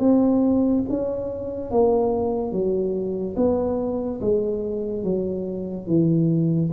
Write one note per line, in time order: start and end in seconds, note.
0.00 0.83 C4
0.89 1.71 C#4
1.71 2.52 A#3
2.52 3.36 F#3
3.37 4.20 B3
4.21 5.04 G#3
5.04 5.87 F#3
5.87 6.70 E3